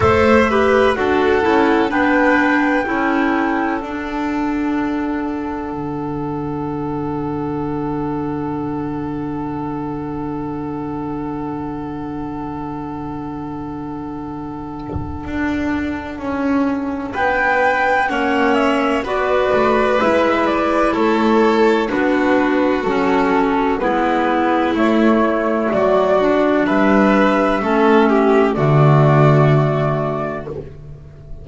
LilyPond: <<
  \new Staff \with { instrumentName = "flute" } { \time 4/4 \tempo 4 = 63 e''4 fis''4 g''2 | fis''1~ | fis''1~ | fis''1~ |
fis''2 g''4 fis''8 e''8 | d''4 e''8 d''8 cis''4 b'4 | a'4 b'4 cis''4 d''4 | e''2 d''2 | }
  \new Staff \with { instrumentName = "violin" } { \time 4/4 c''8 b'8 a'4 b'4 a'4~ | a'1~ | a'1~ | a'1~ |
a'2 b'4 cis''4 | b'2 a'4 fis'4~ | fis'4 e'2 fis'4 | b'4 a'8 g'8 fis'2 | }
  \new Staff \with { instrumentName = "clarinet" } { \time 4/4 a'8 g'8 fis'8 e'8 d'4 e'4 | d'1~ | d'1~ | d'1~ |
d'2. cis'4 | fis'4 e'2 d'4 | cis'4 b4 a4. d'8~ | d'4 cis'4 a2 | }
  \new Staff \with { instrumentName = "double bass" } { \time 4/4 a4 d'8 cis'8 b4 cis'4 | d'2 d2~ | d1~ | d1 |
d'4 cis'4 b4 ais4 | b8 a8 gis4 a4 b4 | fis4 gis4 a4 fis4 | g4 a4 d2 | }
>>